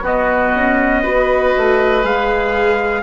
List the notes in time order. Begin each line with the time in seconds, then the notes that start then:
0.00 B3 F#4 D#5
0.55 C#4
1.02 B3 F#4 B4
1.57 A3
2.03 G#3 G#4 F5